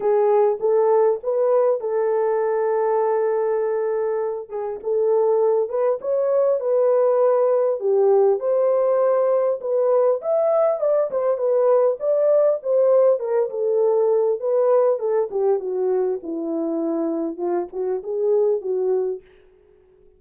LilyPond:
\new Staff \with { instrumentName = "horn" } { \time 4/4 \tempo 4 = 100 gis'4 a'4 b'4 a'4~ | a'2.~ a'8 gis'8 | a'4. b'8 cis''4 b'4~ | b'4 g'4 c''2 |
b'4 e''4 d''8 c''8 b'4 | d''4 c''4 ais'8 a'4. | b'4 a'8 g'8 fis'4 e'4~ | e'4 f'8 fis'8 gis'4 fis'4 | }